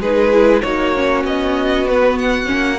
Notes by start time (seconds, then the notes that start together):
0.00 G#3 D#4 G#4 B4
0.32 E4
0.62 A#3 D#4 F#4 C#5
0.95 C#4
1.24 B3 D#5
1.88 B3 B4
2.19 F#5
2.46 C#4
2.52 A#3